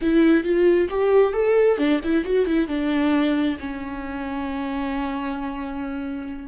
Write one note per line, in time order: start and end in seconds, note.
0.01 0.44 E4
0.44 0.89 F4
0.89 1.33 G4
1.33 1.78 A4
1.78 2.00 D4
2.03 2.24 E4
2.24 2.46 F#4
2.46 2.68 E4
2.68 3.57 D4
3.59 6.48 C#4